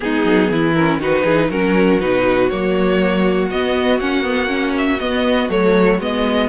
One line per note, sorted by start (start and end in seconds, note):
0.00 0.24 G#3
0.00 0.74 B3
0.00 0.52 D#4
0.00 0.72 G#4
0.24 0.49 F#3
0.50 0.96 E3
0.50 1.00 E4
0.74 1.01 C#4
0.74 0.99 A#4
0.96 1.21 D#3
0.96 1.51 D#4
0.96 1.23 F#4
0.96 1.50 B4
1.23 1.49 E3
1.23 1.48 G#4
1.49 1.99 F#3
1.49 2.00 C#4
1.49 6.49 F#4
1.49 2.00 A#4
2.00 2.50 B2
2.00 2.50 D#4
2.00 2.49 B4
2.49 3.50 F#3
2.49 3.51 A#3
2.49 3.49 C#5
3.50 3.99 B3
3.50 4.00 B3
3.50 3.99 D#5
3.99 4.99 A#3
3.99 4.22 C#4
3.99 4.74 F#5
4.22 4.47 B3
4.47 4.97 C#4
4.77 4.99 E5
4.99 5.49 B3
4.99 5.49 D#5
5.49 5.98 F#3
5.49 5.99 A3
5.49 6.00 C#5
5.98 6.48 G#3
5.98 6.49 B3
5.98 6.49 D#5